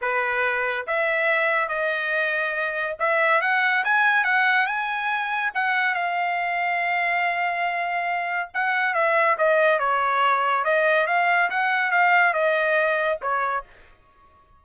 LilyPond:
\new Staff \with { instrumentName = "trumpet" } { \time 4/4 \tempo 4 = 141 b'2 e''2 | dis''2. e''4 | fis''4 gis''4 fis''4 gis''4~ | gis''4 fis''4 f''2~ |
f''1 | fis''4 e''4 dis''4 cis''4~ | cis''4 dis''4 f''4 fis''4 | f''4 dis''2 cis''4 | }